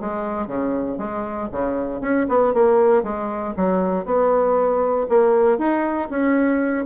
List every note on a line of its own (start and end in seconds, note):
0.00 0.47 G#3
0.47 0.98 C#3
0.98 1.48 G#3
1.52 2.01 C#3
2.01 2.26 C#4
2.28 2.54 B3
2.54 3.03 A#3
3.03 3.54 G#3
3.56 4.05 F#3
4.05 5.07 B3
5.09 5.58 A#3
5.58 6.09 D#4
6.10 6.85 C#4